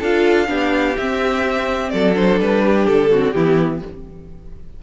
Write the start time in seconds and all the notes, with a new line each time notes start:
0.00 D4 F4 A4 F5
0.47 B3 D4 G4
0.97 C4 E5
1.90 F#3 A4 D5
2.15 D4 C5
2.41 G3 B4
2.65 G4
2.87 D3 A4
3.12 C4 F#4
3.32 E3 B3 E4 G4